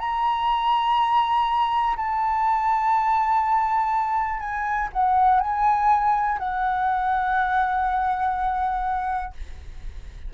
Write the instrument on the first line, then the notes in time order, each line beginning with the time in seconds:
flute
0.00 A#5
1.97 A5
4.40 G#5
4.94 F#5
5.41 G#5
6.39 F#5